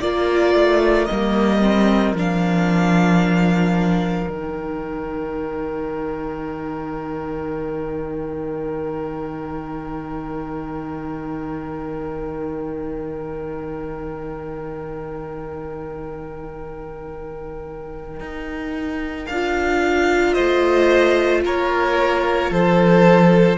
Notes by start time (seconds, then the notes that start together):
0.00 A#3 F4 A#4 D5
0.53 A3
1.05 G3 A#3 D#5
1.61 C4
2.12 F3 D4
2.18 F5
4.28 D#3 D#4 G5
18.19 D#4
19.26 D4 F5
19.33 F4
20.33 C5 D#5
20.39 A3
21.44 A#3 A#4 C#5
22.50 F3 A4 C5